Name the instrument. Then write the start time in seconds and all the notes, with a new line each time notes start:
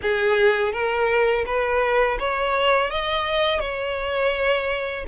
violin
0.02 G#4
0.72 A#4
1.46 B4
2.19 C#5
2.90 D#5
3.59 C#5